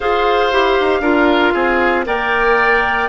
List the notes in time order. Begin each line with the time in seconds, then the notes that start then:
0.00 F4 G#4 C5 F5
0.52 E4 G4
0.80 D#4
1.00 D4 F4 A#4
1.53 C4 G#4
2.05 A#3 A#4 D5 G5